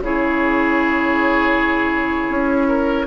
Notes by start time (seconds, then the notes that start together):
0.00 C#3 E4 G#4 C#5
2.29 C#4
2.68 A#4